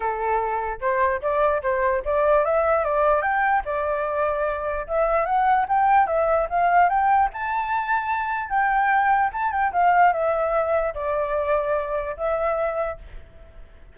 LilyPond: \new Staff \with { instrumentName = "flute" } { \time 4/4 \tempo 4 = 148 a'2 c''4 d''4 | c''4 d''4 e''4 d''4 | g''4 d''2. | e''4 fis''4 g''4 e''4 |
f''4 g''4 a''2~ | a''4 g''2 a''8 g''8 | f''4 e''2 d''4~ | d''2 e''2 | }